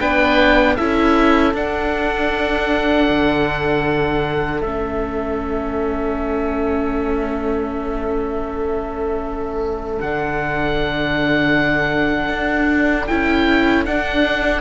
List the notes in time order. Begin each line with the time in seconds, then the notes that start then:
0.00 B3 D4 B4 G5
0.76 C#4 E4 A4 E5
1.54 D4 F#5
3.09 D3
4.61 A3 C#4 E5
10.01 D3 D4 F#5
12.29 D4
13.08 C#4 E4 G5
13.86 D4 F#5